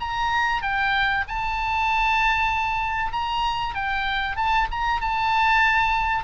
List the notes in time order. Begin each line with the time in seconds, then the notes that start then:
0.00 A#5
0.62 G5
1.28 A5
3.12 A#5
3.75 G5
4.36 A5
4.71 A#5
5.01 A5